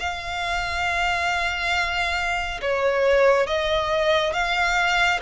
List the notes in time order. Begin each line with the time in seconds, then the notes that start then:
0.00 F5
2.62 C#5
3.47 D#5
4.33 F5